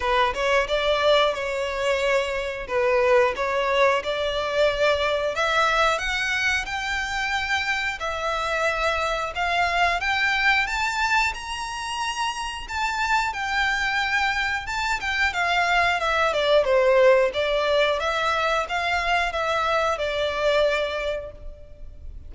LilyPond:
\new Staff \with { instrumentName = "violin" } { \time 4/4 \tempo 4 = 90 b'8 cis''8 d''4 cis''2 | b'4 cis''4 d''2 | e''4 fis''4 g''2 | e''2 f''4 g''4 |
a''4 ais''2 a''4 | g''2 a''8 g''8 f''4 | e''8 d''8 c''4 d''4 e''4 | f''4 e''4 d''2 | }